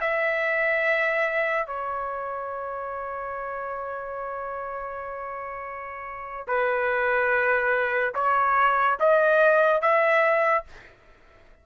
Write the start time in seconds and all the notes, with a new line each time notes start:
0.00 E5
1.66 C#5
6.47 B4
8.14 C#5
8.99 D#5
9.81 E5